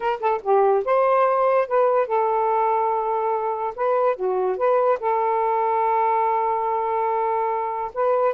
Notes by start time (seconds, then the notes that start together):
0.00 A#4
0.20 A4
0.42 G4
0.84 C5
1.67 B4
2.07 A4
3.75 B4
4.16 F#4
4.57 B4
5.00 A4
7.93 B4